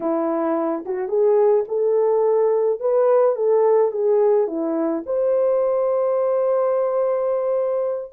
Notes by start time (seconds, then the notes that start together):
0.00 E4
0.85 F#4
1.08 G#4
1.67 A4
2.80 B4
3.35 A4
3.91 G#4
4.47 E4
5.06 C5